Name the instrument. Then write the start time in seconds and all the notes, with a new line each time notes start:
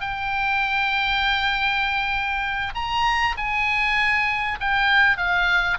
oboe
0.00 G5
2.74 A#5
3.37 G#5
4.60 G5
5.17 F5